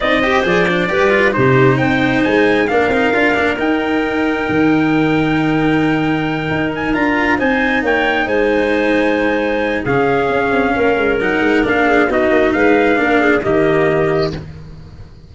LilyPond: <<
  \new Staff \with { instrumentName = "trumpet" } { \time 4/4 \tempo 4 = 134 dis''4 d''2 c''4 | g''4 gis''4 f''2 | g''1~ | g''2. gis''8 ais''8~ |
ais''8 gis''4 g''4 gis''4.~ | gis''2 f''2~ | f''4 fis''4 f''4 dis''4 | f''2 dis''2 | }
  \new Staff \with { instrumentName = "clarinet" } { \time 4/4 d''8 c''4. b'4 g'4 | c''2 ais'2~ | ais'1~ | ais'1~ |
ais'8 c''4 cis''4 c''4.~ | c''2 gis'2 | ais'2~ ais'8 gis'8 fis'4 | b'4 ais'8 gis'8 g'2 | }
  \new Staff \with { instrumentName = "cello" } { \time 4/4 dis'8 g'8 gis'8 d'8 g'8 f'8 dis'4~ | dis'2 d'8 dis'8 f'8 d'8 | dis'1~ | dis'2.~ dis'8 f'8~ |
f'8 dis'2.~ dis'8~ | dis'2 cis'2~ | cis'4 dis'4 d'4 dis'4~ | dis'4 d'4 ais2 | }
  \new Staff \with { instrumentName = "tuba" } { \time 4/4 c'4 f4 g4 c4 | c'4 gis4 ais8 c'8 d'8 ais8 | dis'2 dis2~ | dis2~ dis8 dis'4 d'8~ |
d'8 c'4 ais4 gis4.~ | gis2 cis4 cis'8 c'8 | ais8 gis8 fis8 gis8 ais4 b8 ais8 | gis4 ais4 dis2 | }
>>